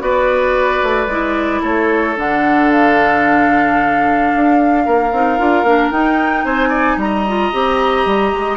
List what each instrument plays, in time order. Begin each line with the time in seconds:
0.00 bassoon B3, clarinet F#4, oboe B4, flute D5
0.83 bassoon A3
1.07 bassoon G#3, clarinet E4
1.62 bassoon A3, oboe A4, flute C#5
2.16 bassoon D3, clarinet D4, flute F#5
2.72 flute F5
4.36 bassoon D4
4.86 bassoon A#3, oboe A#4
5.12 bassoon C4, clarinet D#4
5.39 bassoon D4, clarinet F4
5.64 bassoon A#3, clarinet D4
5.92 bassoon D#4, clarinet D#4, flute G5
6.45 bassoon C4, oboe C5, flute G#5
6.69 oboe D5
6.97 bassoon G3, flute A#5
7.04 oboe D#5
7.28 clarinet F4
7.53 bassoon C4, clarinet G4
8.06 bassoon G3
8.33 bassoon G#3